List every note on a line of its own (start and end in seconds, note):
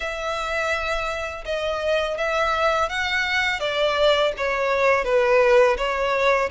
0.00 1.44 E5
1.45 2.17 D#5
2.17 2.89 E5
2.89 3.60 F#5
3.60 4.32 D5
4.37 5.04 C#5
5.04 5.76 B4
5.77 6.49 C#5